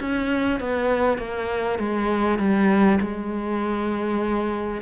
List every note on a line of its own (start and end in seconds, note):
0.00 0.60 C#4
0.60 1.18 B3
1.18 1.79 A#3
1.79 2.39 G#3
2.39 2.99 G3
3.01 4.82 G#3